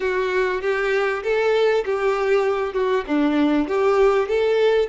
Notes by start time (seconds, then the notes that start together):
0.00 F#4
0.61 G4
1.23 A4
1.85 G4
2.73 F#4
3.07 D4
3.68 G4
4.28 A4